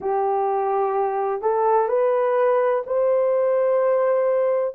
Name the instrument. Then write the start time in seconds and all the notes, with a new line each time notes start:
horn
0.00 G4
1.41 A4
1.88 B4
2.86 C5